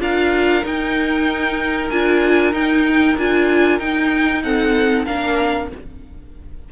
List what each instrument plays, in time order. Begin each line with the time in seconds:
0.00 cello D4, viola F4, violin A#4 F5
0.64 viola D#4, cello D#4, violin G5
1.90 cello D4, viola F4, violin G#5
2.53 viola D#4, cello D#4, violin G5
3.18 cello D4, viola F4, violin G#5
3.79 cello D#4, viola D#4, violin G5
4.43 viola C4, violin A4 F#5
5.06 cello A#3, viola D4, violin A#4 F5